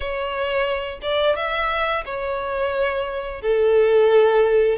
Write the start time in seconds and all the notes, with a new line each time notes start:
0.00 C#5
1.02 D5
1.36 E5
2.05 C#5
3.41 A4